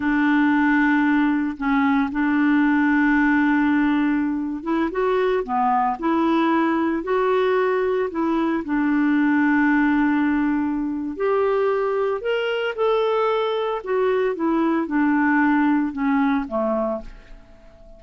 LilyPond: \new Staff \with { instrumentName = "clarinet" } { \time 4/4 \tempo 4 = 113 d'2. cis'4 | d'1~ | d'8. e'8 fis'4 b4 e'8.~ | e'4~ e'16 fis'2 e'8.~ |
e'16 d'2.~ d'8.~ | d'4 g'2 ais'4 | a'2 fis'4 e'4 | d'2 cis'4 a4 | }